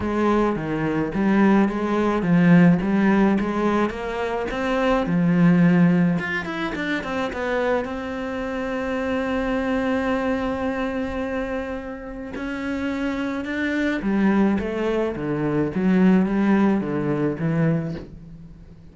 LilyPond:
\new Staff \with { instrumentName = "cello" } { \time 4/4 \tempo 4 = 107 gis4 dis4 g4 gis4 | f4 g4 gis4 ais4 | c'4 f2 f'8 e'8 | d'8 c'8 b4 c'2~ |
c'1~ | c'2 cis'2 | d'4 g4 a4 d4 | fis4 g4 d4 e4 | }